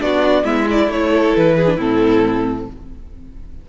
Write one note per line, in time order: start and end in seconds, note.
0.00 0.44 B3
0.00 0.44 D4
0.00 0.45 F#4
0.00 0.45 D5
0.44 0.88 G#3
0.44 0.67 B3
0.44 1.11 E4
0.44 0.68 E5
0.71 1.67 E4
0.71 0.92 D5
0.89 1.33 A3
0.89 1.36 C#5
1.11 1.56 A4
1.36 1.78 E3
1.36 1.81 B4
1.56 1.77 G#4
1.67 1.78 D4
1.77 2.67 A2
1.77 2.67 C4
1.77 2.66 E4
1.77 2.70 A4